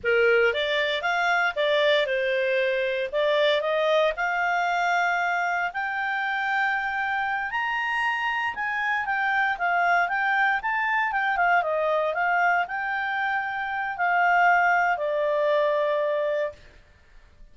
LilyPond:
\new Staff \with { instrumentName = "clarinet" } { \time 4/4 \tempo 4 = 116 ais'4 d''4 f''4 d''4 | c''2 d''4 dis''4 | f''2. g''4~ | g''2~ g''8 ais''4.~ |
ais''8 gis''4 g''4 f''4 g''8~ | g''8 a''4 g''8 f''8 dis''4 f''8~ | f''8 g''2~ g''8 f''4~ | f''4 d''2. | }